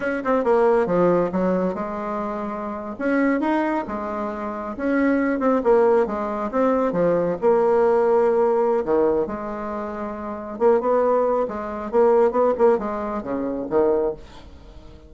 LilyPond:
\new Staff \with { instrumentName = "bassoon" } { \time 4/4 \tempo 4 = 136 cis'8 c'8 ais4 f4 fis4 | gis2~ gis8. cis'4 dis'16~ | dis'8. gis2 cis'4~ cis'16~ | cis'16 c'8 ais4 gis4 c'4 f16~ |
f8. ais2.~ ais16 | dis4 gis2. | ais8 b4. gis4 ais4 | b8 ais8 gis4 cis4 dis4 | }